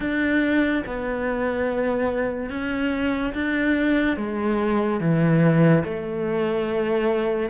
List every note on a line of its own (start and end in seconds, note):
0.00 0.83 D4
0.86 2.50 B3
2.50 3.33 C#4
3.33 4.17 D4
4.17 5.00 G#3
5.00 5.83 E3
5.83 7.49 A3